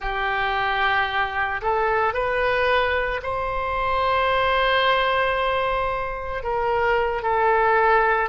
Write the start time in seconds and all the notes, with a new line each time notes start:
0.00 G4
1.61 A4
2.13 B4
3.22 C5
6.43 A#4
7.22 A4